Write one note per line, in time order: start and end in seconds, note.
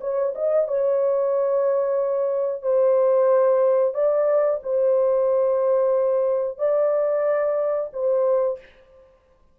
0.00 0.33 C#5
0.35 0.67 D#5
0.67 2.62 C#5
2.62 3.94 C5
3.94 4.59 D5
4.62 6.58 C5
6.58 7.90 D5
7.92 8.58 C5